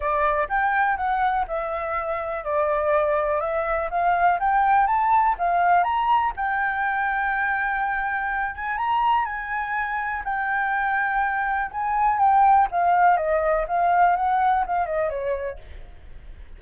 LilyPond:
\new Staff \with { instrumentName = "flute" } { \time 4/4 \tempo 4 = 123 d''4 g''4 fis''4 e''4~ | e''4 d''2 e''4 | f''4 g''4 a''4 f''4 | ais''4 g''2.~ |
g''4. gis''8 ais''4 gis''4~ | gis''4 g''2. | gis''4 g''4 f''4 dis''4 | f''4 fis''4 f''8 dis''8 cis''4 | }